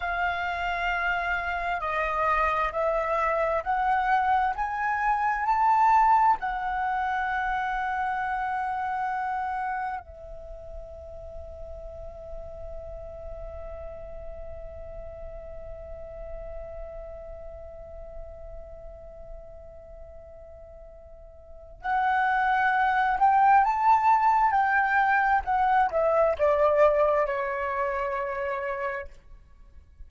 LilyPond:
\new Staff \with { instrumentName = "flute" } { \time 4/4 \tempo 4 = 66 f''2 dis''4 e''4 | fis''4 gis''4 a''4 fis''4~ | fis''2. e''4~ | e''1~ |
e''1~ | e''1 | fis''4. g''8 a''4 g''4 | fis''8 e''8 d''4 cis''2 | }